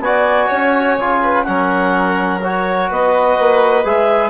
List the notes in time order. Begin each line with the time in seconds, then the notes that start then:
0.00 B3 F#4 D5 G#5
0.48 C#4 C#5
0.97 C#3 F4
1.23 B4
1.44 F#3 C#4 A#4 F#5
2.43 F#4 C#5
2.89 B3 B4 D#5
3.39 A#3
3.84 G#3 G#4 E5